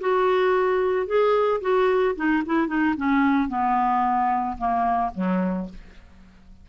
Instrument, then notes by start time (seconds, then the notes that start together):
clarinet
0.00 F#4
1.06 G#4
1.61 F#4
2.15 D#4
2.45 E4
2.67 D#4
2.97 C#4
3.48 B3
4.57 A#3
5.14 F#3